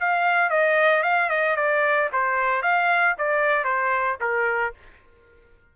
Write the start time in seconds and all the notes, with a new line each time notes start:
0.00 F5
0.50 D#5
1.03 F5
1.30 D#5
1.56 D5
2.13 C5
2.62 F5
3.18 D5
3.64 C5
4.21 A#4